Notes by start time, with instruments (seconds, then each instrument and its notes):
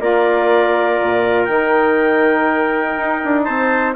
0.00 bassoon A#3, saxophone F4, trumpet A#4, clarinet D5
1.01 bassoon A#2
1.45 bassoon D#3, saxophone D#4, clarinet G5
2.97 bassoon D#4
3.24 bassoon D4
3.44 bassoon C4, trumpet C5, clarinet A5